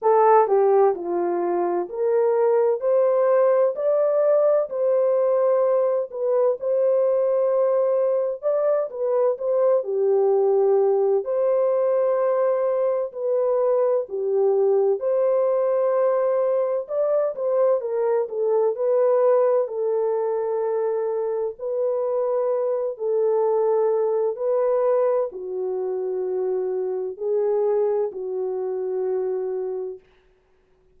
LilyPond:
\new Staff \with { instrumentName = "horn" } { \time 4/4 \tempo 4 = 64 a'8 g'8 f'4 ais'4 c''4 | d''4 c''4. b'8 c''4~ | c''4 d''8 b'8 c''8 g'4. | c''2 b'4 g'4 |
c''2 d''8 c''8 ais'8 a'8 | b'4 a'2 b'4~ | b'8 a'4. b'4 fis'4~ | fis'4 gis'4 fis'2 | }